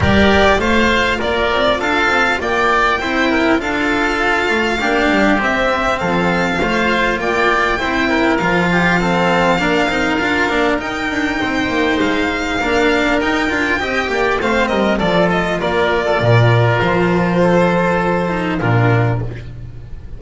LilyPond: <<
  \new Staff \with { instrumentName = "violin" } { \time 4/4 \tempo 4 = 100 d''4 f''4 d''4 f''4 | g''2 f''2~ | f''4 e''4 f''2 | g''2 f''2~ |
f''2 g''2 | f''2 g''2 | f''8 dis''8 d''8 dis''8 d''2 | c''2. ais'4 | }
  \new Staff \with { instrumentName = "oboe" } { \time 4/4 ais'4 c''4 ais'4 a'4 | d''4 c''8 ais'8 a'2 | g'2 a'4 c''4 | d''4 c''8 ais'4 g'8 a'4 |
ais'2. c''4~ | c''4 ais'2 dis''8 d''8 | c''8 ais'8 a'4 ais'8. a'16 ais'4~ | ais'4 a'2 f'4 | }
  \new Staff \with { instrumentName = "cello" } { \time 4/4 g'4 f'2.~ | f'4 e'4 f'2 | d'4 c'2 f'4~ | f'4 e'4 f'4 c'4 |
d'8 dis'8 f'8 d'8 dis'2~ | dis'4 d'4 dis'8 f'8 g'4 | c'4 f'2.~ | f'2~ f'8 dis'8 d'4 | }
  \new Staff \with { instrumentName = "double bass" } { \time 4/4 g4 a4 ais8 c'8 d'8 c'8 | ais4 c'4 d'4. a8 | ais8 g8 c'4 f4 a4 | ais4 c'4 f2 |
ais8 c'8 d'8 ais8 dis'8 d'8 c'8 ais8 | gis4 ais4 dis'8 d'8 c'8 ais8 | a8 g8 f4 ais4 ais,4 | f2. ais,4 | }
>>